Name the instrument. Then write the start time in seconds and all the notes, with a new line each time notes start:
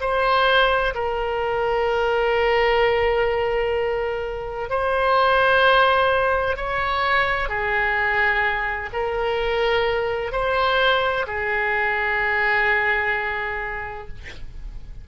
oboe
0.00 C5
0.94 A#4
4.69 C5
6.56 C#5
7.49 G#4
8.93 A#4
10.32 C5
11.27 G#4